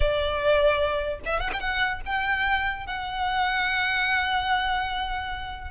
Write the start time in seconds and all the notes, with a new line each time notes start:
0.00 D5
1.25 E5
1.40 F#5
1.53 G5
1.60 F#5
2.05 G5
2.86 F#5